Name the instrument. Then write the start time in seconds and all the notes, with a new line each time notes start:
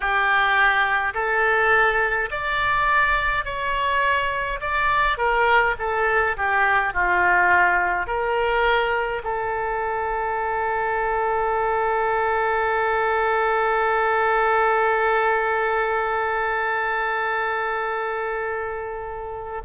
oboe
0.00 G4
1.14 A4
2.30 D5
3.44 C#5
4.60 D5
5.17 A#4
5.78 A4
6.37 G4
6.93 F4
8.07 A#4
9.23 A4